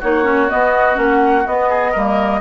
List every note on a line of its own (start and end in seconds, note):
0.00 0.51 A#3
0.00 0.24 D#4
0.00 1.69 F#4
0.00 0.50 C#5
0.24 0.48 C#4
0.48 0.95 B3
0.48 0.97 B3
0.48 0.98 D#5
0.95 1.46 A#3
0.95 1.43 C#4
1.02 1.46 F#5
1.46 1.95 B3
1.46 1.96 B3
1.46 2.41 D#5
1.69 1.92 G#4
1.92 2.41 G3
1.92 2.41 A#3
1.92 2.40 A#4